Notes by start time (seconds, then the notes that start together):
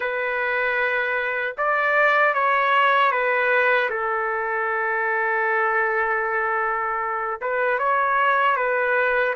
0.00 B4
1.57 D5
2.34 C#5
3.11 B4
3.90 A4
7.41 B4
7.78 C#5
8.56 B4